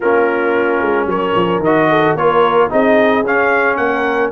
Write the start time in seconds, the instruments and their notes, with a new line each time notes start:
0.00 tuba A#3, trombone C#4, horn F4, trumpet A#4
0.81 tuba G#3
1.06 tuba F#3, horn A#4, trumpet C#5
1.35 tuba F3
1.58 tuba D#3, trumpet D#5
1.65 trombone F#4
1.89 horn A4
2.15 tuba A#3, trombone F4, horn A#4, trumpet C#5
2.69 tuba C4, trombone D#4, horn G#4, trumpet D#5
3.24 tuba C#4, trombone C#4, trumpet F5
3.76 tuba A#3, horn A#4, trumpet F#5